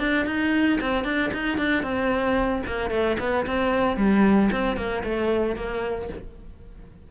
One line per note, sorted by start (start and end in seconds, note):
0.00 0.26 D4
0.26 0.79 D#4
0.81 1.05 C4
1.05 1.31 D4
1.34 1.58 D#4
1.58 1.83 D4
1.83 2.63 C4
2.67 2.91 A#3
2.91 3.17 A3
3.20 3.46 B3
3.47 3.97 C4
3.97 4.50 G3
4.52 4.77 C4
4.77 5.03 A#3
5.04 5.56 A3
5.56 6.09 A#3